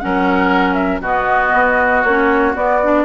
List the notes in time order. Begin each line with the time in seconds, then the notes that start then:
0.00 F#3 C#4 A#4 F#5
0.74 E5
1.00 B2 B3 F#4 D#5
1.53 B3
2.04 A#3 C#4 C#5
2.54 B3 D5
2.83 D4